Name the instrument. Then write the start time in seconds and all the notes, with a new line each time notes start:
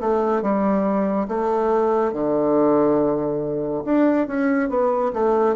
bassoon
0.00 A3
0.42 G3
1.28 A3
2.13 D3
3.85 D4
4.27 C#4
4.69 B3
5.13 A3